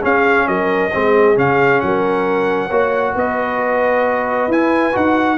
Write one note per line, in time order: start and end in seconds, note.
0.00 0.90 C#4
0.00 0.47 C#4
0.00 0.45 G#4
0.00 0.47 F5
0.47 0.92 F#3
0.47 0.92 A#4
0.47 1.37 D#5
0.92 1.37 G#3
0.92 1.35 C4
0.92 1.84 G#4
1.35 1.81 C#3
1.35 2.69 C#4
1.35 1.80 F5
1.80 2.70 F#3
1.80 2.67 A#4
1.80 3.14 F#5
2.67 3.15 A#3
2.67 4.50 F#4
2.67 3.12 C#5
3.14 4.48 B3
3.14 5.38 B4
3.14 4.52 D#5
4.48 4.93 E4
4.48 4.92 E4
4.48 4.96 G#5
4.92 5.38 D#4
4.92 5.37 F#4
4.92 5.38 F#5